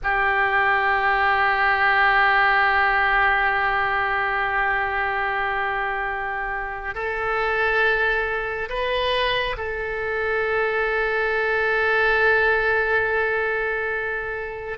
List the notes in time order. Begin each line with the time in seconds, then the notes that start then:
0.03 G4
6.94 A4
8.69 B4
9.57 A4